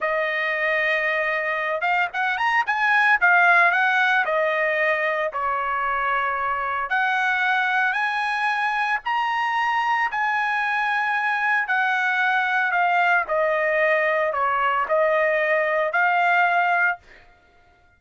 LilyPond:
\new Staff \with { instrumentName = "trumpet" } { \time 4/4 \tempo 4 = 113 dis''2.~ dis''8 f''8 | fis''8 ais''8 gis''4 f''4 fis''4 | dis''2 cis''2~ | cis''4 fis''2 gis''4~ |
gis''4 ais''2 gis''4~ | gis''2 fis''2 | f''4 dis''2 cis''4 | dis''2 f''2 | }